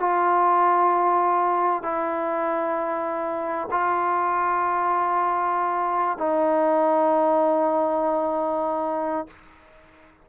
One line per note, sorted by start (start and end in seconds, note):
0.00 1.83 F4
1.83 3.69 E4
3.71 6.18 F4
6.18 9.28 D#4